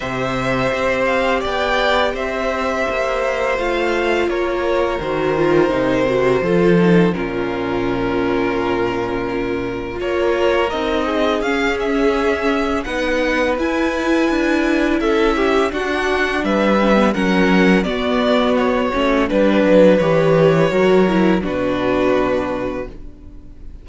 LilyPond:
<<
  \new Staff \with { instrumentName = "violin" } { \time 4/4 \tempo 4 = 84 e''4. f''8 g''4 e''4~ | e''4 f''4 cis''4 c''4~ | c''2 ais'2~ | ais'2 cis''4 dis''4 |
f''8 e''4. fis''4 gis''4~ | gis''4 e''4 fis''4 e''4 | fis''4 d''4 cis''4 b'4 | cis''2 b'2 | }
  \new Staff \with { instrumentName = "violin" } { \time 4/4 c''2 d''4 c''4~ | c''2 ais'2~ | ais'4 a'4 f'2~ | f'2 ais'4. gis'8~ |
gis'2 b'2~ | b'4 a'8 g'8 fis'4 b'4 | ais'4 fis'2 b'4~ | b'4 ais'4 fis'2 | }
  \new Staff \with { instrumentName = "viola" } { \time 4/4 g'1~ | g'4 f'2 fis'8 f'8 | dis'8 fis'8 f'8 dis'8 cis'2~ | cis'2 f'4 dis'4 |
cis'2 dis'4 e'4~ | e'2 d'4. cis'16 b16 | cis'4 b4. cis'8 d'4 | g'4 fis'8 e'8 d'2 | }
  \new Staff \with { instrumentName = "cello" } { \time 4/4 c4 c'4 b4 c'4 | ais4 a4 ais4 dis4 | c4 f4 ais,2~ | ais,2 ais4 c'4 |
cis'2 b4 e'4 | d'4 cis'4 d'4 g4 | fis4 b4. a8 g8 fis8 | e4 fis4 b,2 | }
>>